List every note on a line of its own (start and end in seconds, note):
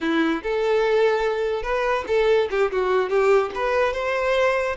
0.00 0.42 E4
0.42 1.63 A4
1.63 2.04 B4
2.07 2.48 A4
2.50 2.71 G4
2.71 3.09 F#4
3.09 3.51 G4
3.54 3.93 B4
3.93 4.76 C5